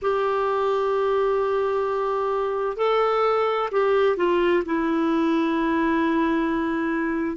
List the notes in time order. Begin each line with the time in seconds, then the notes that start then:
0.02 G4
2.77 A4
3.71 G4
4.17 F4
4.65 E4